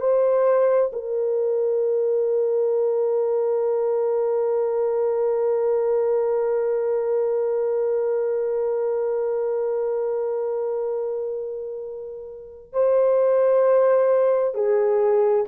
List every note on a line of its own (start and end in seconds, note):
0.00 0.91 C5
0.93 12.72 A#4
12.72 14.54 C5
14.54 15.45 G#4